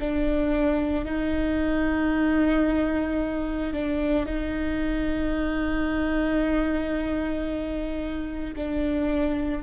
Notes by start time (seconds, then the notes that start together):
0.00 D4
1.05 D#4
3.73 D4
4.26 D#4
8.56 D4